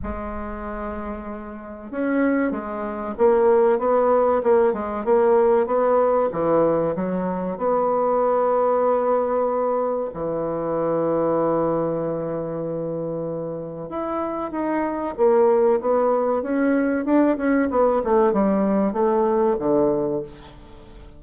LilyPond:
\new Staff \with { instrumentName = "bassoon" } { \time 4/4 \tempo 4 = 95 gis2. cis'4 | gis4 ais4 b4 ais8 gis8 | ais4 b4 e4 fis4 | b1 |
e1~ | e2 e'4 dis'4 | ais4 b4 cis'4 d'8 cis'8 | b8 a8 g4 a4 d4 | }